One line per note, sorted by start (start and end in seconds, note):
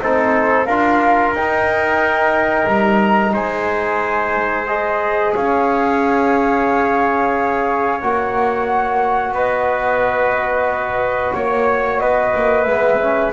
0.00 0.66 C4
0.00 0.67 D#4
0.00 0.66 A4
0.00 0.66 C5
0.66 1.32 D4
0.66 1.36 F4
0.66 3.33 A#4
0.66 1.32 F5
1.32 2.65 D#4
1.32 4.66 D#4
1.32 2.67 G5
2.67 3.33 G3
2.67 3.34 A#5
3.33 5.33 G#3
3.33 5.33 C5
3.33 4.67 G#5
4.66 8.00 G#4
4.66 5.34 D#5
5.34 8.02 C#4
5.34 9.34 C#5
5.34 8.01 F5
8.01 9.31 A#3
8.01 12.66 F#4
8.01 9.34 F#5
9.31 11.31 B3
9.31 11.34 B4
9.31 11.35 D#5
11.34 12.01 A#3
11.34 12.01 C#5
11.34 11.99 C#5
11.99 12.34 B3
11.99 13.33 B4
11.99 12.64 D#5
12.35 12.67 A#3
12.64 13.33 G#3
12.64 13.00 B3
12.64 13.30 E5
13.00 13.33 C#4